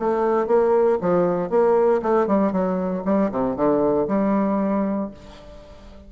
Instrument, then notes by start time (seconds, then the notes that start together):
bassoon
0.00 A3
0.48 A#3
1.02 F3
1.51 A#3
2.03 A3
2.28 G3
2.53 F#3
3.06 G3
3.32 C3
3.57 D3
4.08 G3